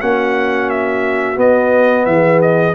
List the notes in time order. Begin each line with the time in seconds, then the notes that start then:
0.00 A#3 C#4 F#4 F#5
0.70 E5
1.36 B3 D#5
2.06 E3 G#4 E5
2.42 D#5